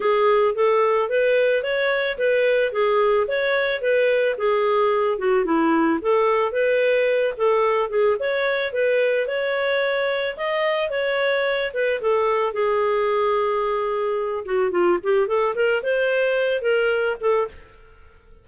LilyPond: \new Staff \with { instrumentName = "clarinet" } { \time 4/4 \tempo 4 = 110 gis'4 a'4 b'4 cis''4 | b'4 gis'4 cis''4 b'4 | gis'4. fis'8 e'4 a'4 | b'4. a'4 gis'8 cis''4 |
b'4 cis''2 dis''4 | cis''4. b'8 a'4 gis'4~ | gis'2~ gis'8 fis'8 f'8 g'8 | a'8 ais'8 c''4. ais'4 a'8 | }